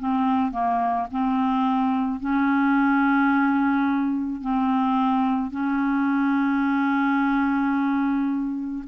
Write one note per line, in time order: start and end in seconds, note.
0.00 0.52 C4
0.52 1.08 A#3
1.12 2.20 C4
2.20 4.41 C#4
4.41 5.51 C4
5.51 8.84 C#4